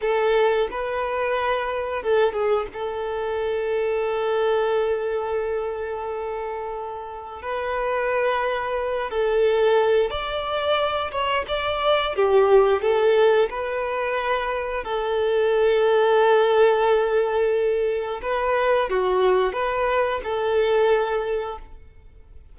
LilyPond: \new Staff \with { instrumentName = "violin" } { \time 4/4 \tempo 4 = 89 a'4 b'2 a'8 gis'8 | a'1~ | a'2. b'4~ | b'4. a'4. d''4~ |
d''8 cis''8 d''4 g'4 a'4 | b'2 a'2~ | a'2. b'4 | fis'4 b'4 a'2 | }